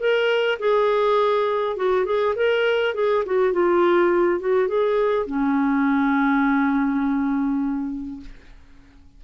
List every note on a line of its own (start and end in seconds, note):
0.00 0.59 A#4
0.60 1.77 G#4
1.77 2.06 F#4
2.06 2.35 G#4
2.36 2.95 A#4
2.95 3.24 G#4
3.26 3.53 F#4
3.53 4.41 F4
4.41 4.68 F#4
4.68 5.27 G#4
5.27 8.21 C#4